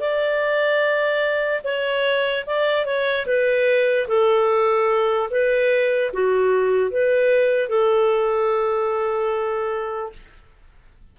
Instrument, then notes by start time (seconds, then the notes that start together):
clarinet
0.00 D5
1.64 C#5
2.46 D5
2.85 C#5
3.27 B4
4.08 A4
5.30 B4
6.13 F#4
6.91 B4
7.69 A4